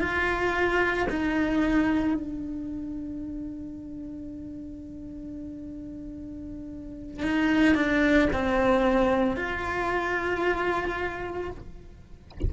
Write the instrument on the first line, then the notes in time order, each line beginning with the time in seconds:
cello
0.00 F4
1.10 D#4
2.15 D4
7.23 D#4
7.75 D4
8.33 C4
9.37 F4